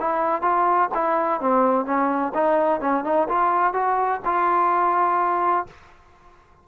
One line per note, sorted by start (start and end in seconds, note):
0.00 0.42 E4
0.42 0.90 F4
0.95 1.41 E4
1.41 1.86 C4
1.86 2.33 C#4
2.35 2.81 D#4
2.81 3.05 C#4
3.05 3.28 D#4
3.29 3.74 F4
3.74 4.21 F#4
4.25 5.67 F4